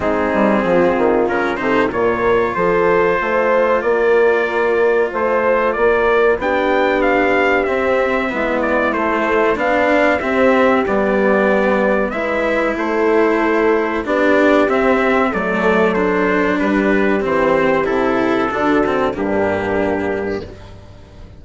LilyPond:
<<
  \new Staff \with { instrumentName = "trumpet" } { \time 4/4 \tempo 4 = 94 gis'2 ais'8 c''8 cis''4 | c''2 d''2 | c''4 d''4 g''4 f''4 | e''4. d''8 c''4 f''4 |
e''4 d''2 e''4 | c''2 d''4 e''4 | d''4 c''4 b'4 c''4 | a'2 g'2 | }
  \new Staff \with { instrumentName = "horn" } { \time 4/4 dis'4 f'4. a'8 ais'4 | a'4 c''4 ais'2 | c''4 ais'4 g'2~ | g'4 e'2 d'4 |
g'2. b'4 | a'2 g'2 | a'2 g'2~ | g'4 fis'4 d'2 | }
  \new Staff \with { instrumentName = "cello" } { \time 4/4 c'2 cis'8 dis'8 f'4~ | f'1~ | f'2 d'2 | c'4 b4 a4 d'4 |
c'4 b2 e'4~ | e'2 d'4 c'4 | a4 d'2 c'4 | e'4 d'8 c'8 ais2 | }
  \new Staff \with { instrumentName = "bassoon" } { \time 4/4 gis8 g8 f8 dis8 cis8 c8 ais,4 | f4 a4 ais2 | a4 ais4 b2 | c'4 gis4 a4 b4 |
c'4 g2 gis4 | a2 b4 c'4 | fis2 g4 e4 | c4 d4 g,2 | }
>>